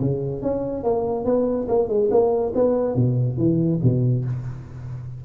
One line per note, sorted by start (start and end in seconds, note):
0.00 0.42 C#3
0.42 0.83 C#4
0.83 1.25 A#3
1.25 1.67 B3
1.68 1.88 A#3
1.88 2.10 G#3
2.11 2.53 A#3
2.55 2.95 B3
2.95 3.38 B2
3.38 3.80 E3
3.83 4.25 B2